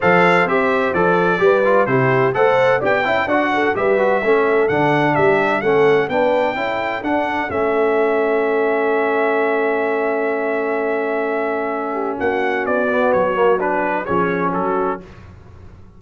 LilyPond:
<<
  \new Staff \with { instrumentName = "trumpet" } { \time 4/4 \tempo 4 = 128 f''4 e''4 d''2 | c''4 fis''4 g''4 fis''4 | e''2 fis''4 e''4 | fis''4 g''2 fis''4 |
e''1~ | e''1~ | e''2 fis''4 d''4 | cis''4 b'4 cis''4 a'4 | }
  \new Staff \with { instrumentName = "horn" } { \time 4/4 c''2. b'4 | g'4 c''4 d''8 e''8 d''8 a'8 | b'4 a'2 g'4 | a'4 b'4 a'2~ |
a'1~ | a'1~ | a'4. g'8 fis'2~ | fis'2 gis'4 fis'4 | }
  \new Staff \with { instrumentName = "trombone" } { \time 4/4 a'4 g'4 a'4 g'8 f'8 | e'4 a'4 g'8 e'8 fis'4 | g'8 fis'8 cis'4 d'2 | cis'4 d'4 e'4 d'4 |
cis'1~ | cis'1~ | cis'2.~ cis'8 b8~ | b8 ais8 d'4 cis'2 | }
  \new Staff \with { instrumentName = "tuba" } { \time 4/4 f4 c'4 f4 g4 | c4 a4 b8 cis'8 d'4 | g4 a4 d4 g4 | a4 b4 cis'4 d'4 |
a1~ | a1~ | a2 ais4 b4 | fis2 f4 fis4 | }
>>